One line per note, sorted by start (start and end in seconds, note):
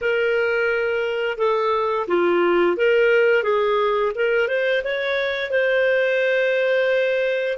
0.01 1.37 A#4
1.37 2.06 A4
2.07 2.76 F4
2.76 3.43 A#4
3.43 4.12 G#4
4.15 4.48 A#4
4.48 4.82 C5
4.84 5.50 C#5
5.50 7.57 C5